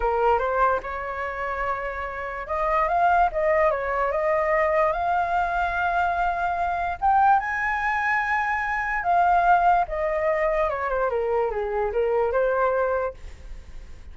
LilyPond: \new Staff \with { instrumentName = "flute" } { \time 4/4 \tempo 4 = 146 ais'4 c''4 cis''2~ | cis''2 dis''4 f''4 | dis''4 cis''4 dis''2 | f''1~ |
f''4 g''4 gis''2~ | gis''2 f''2 | dis''2 cis''8 c''8 ais'4 | gis'4 ais'4 c''2 | }